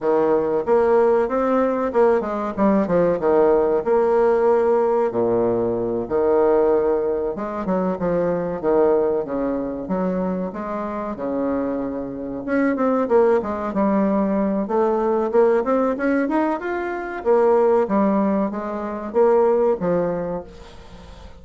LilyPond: \new Staff \with { instrumentName = "bassoon" } { \time 4/4 \tempo 4 = 94 dis4 ais4 c'4 ais8 gis8 | g8 f8 dis4 ais2 | ais,4. dis2 gis8 | fis8 f4 dis4 cis4 fis8~ |
fis8 gis4 cis2 cis'8 | c'8 ais8 gis8 g4. a4 | ais8 c'8 cis'8 dis'8 f'4 ais4 | g4 gis4 ais4 f4 | }